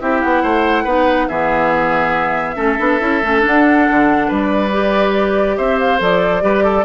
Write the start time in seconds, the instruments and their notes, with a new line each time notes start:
0.00 bassoon C4, clarinet E4, oboe G4, flute E5
0.21 bassoon B3, flute F#5
0.43 bassoon A3, oboe C5
0.83 bassoon B3, clarinet D#4, oboe B4
1.28 bassoon E3, clarinet B3, oboe G#4, flute E5
2.56 bassoon A3, clarinet C#4, oboe A4
2.78 bassoon B3, clarinet D4
3.00 bassoon C#4, clarinet E4
3.22 bassoon A3, clarinet C#4
3.40 clarinet D4
3.46 bassoon D4, flute F#5
3.89 bassoon D3
4.27 bassoon G3, oboe B4, flute D5
4.72 clarinet G4
5.57 bassoon C4, oboe C5, flute E5
5.79 flute F5
5.98 bassoon F3, clarinet A4, flute D5
6.41 bassoon G3, clarinet G4, oboe B4
6.64 oboe A4